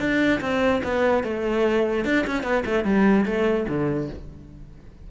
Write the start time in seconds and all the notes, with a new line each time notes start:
0.00 D4
0.41 C4
0.84 B3
1.24 A3
2.05 D4
2.27 C#4
2.43 B3
2.66 A3
2.85 G3
3.26 A3
3.69 D3